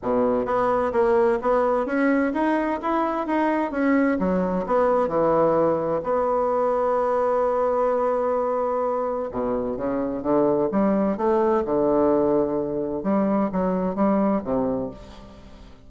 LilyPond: \new Staff \with { instrumentName = "bassoon" } { \time 4/4 \tempo 4 = 129 b,4 b4 ais4 b4 | cis'4 dis'4 e'4 dis'4 | cis'4 fis4 b4 e4~ | e4 b2.~ |
b1 | b,4 cis4 d4 g4 | a4 d2. | g4 fis4 g4 c4 | }